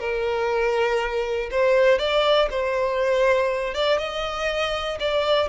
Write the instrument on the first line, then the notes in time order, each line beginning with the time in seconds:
violin
0.00 A#4
1.51 C5
1.99 D5
2.51 C5
3.74 D5
3.98 D#5
5.00 D5